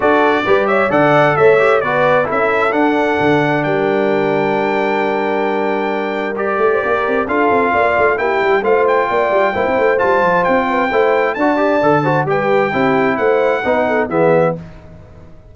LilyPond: <<
  \new Staff \with { instrumentName = "trumpet" } { \time 4/4 \tempo 4 = 132 d''4. e''8 fis''4 e''4 | d''4 e''4 fis''2 | g''1~ | g''2 d''2 |
f''2 g''4 f''8 g''8~ | g''2 a''4 g''4~ | g''4 a''2 g''4~ | g''4 fis''2 e''4 | }
  \new Staff \with { instrumentName = "horn" } { \time 4/4 a'4 b'8 cis''8 d''4 cis''4 | b'4 a'2. | ais'1~ | ais'2~ ais'8. c''16 ais'4 |
a'4 d''4 g'4 c''4 | d''4 c''2~ c''8 b'8 | c''4 d''4. c''8 b'4 | g'4 c''4 b'8 a'8 gis'4 | }
  \new Staff \with { instrumentName = "trombone" } { \time 4/4 fis'4 g'4 a'4. g'8 | fis'4 e'4 d'2~ | d'1~ | d'2 g'2 |
f'2 e'4 f'4~ | f'4 e'4 f'2 | e'4 fis'8 g'8 a'8 fis'8 g'4 | e'2 dis'4 b4 | }
  \new Staff \with { instrumentName = "tuba" } { \time 4/4 d'4 g4 d4 a4 | b4 cis'4 d'4 d4 | g1~ | g2~ g8 a8 ais8 c'8 |
d'8 c'8 ais8 a8 ais8 g8 a4 | ais8 g8 ais16 c'16 a8 g8 f8 c'4 | a4 d'4 d4 g4 | c'4 a4 b4 e4 | }
>>